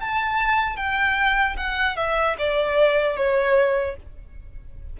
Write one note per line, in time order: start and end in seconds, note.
0.00 0.76 A5
0.76 1.56 G5
1.56 1.96 F#5
1.96 2.36 E5
2.38 3.16 D5
3.16 3.96 C#5